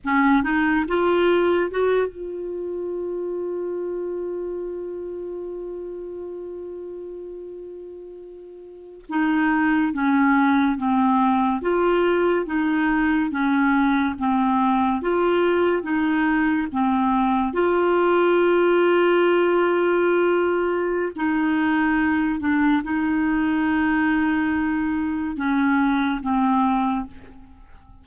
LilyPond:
\new Staff \with { instrumentName = "clarinet" } { \time 4/4 \tempo 4 = 71 cis'8 dis'8 f'4 fis'8 f'4.~ | f'1~ | f'2~ f'8. dis'4 cis'16~ | cis'8. c'4 f'4 dis'4 cis'16~ |
cis'8. c'4 f'4 dis'4 c'16~ | c'8. f'2.~ f'16~ | f'4 dis'4. d'8 dis'4~ | dis'2 cis'4 c'4 | }